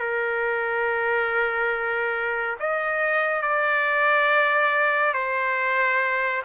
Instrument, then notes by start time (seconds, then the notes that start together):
trumpet
0.00 A#4
2.60 D#5
3.42 D5
5.14 C5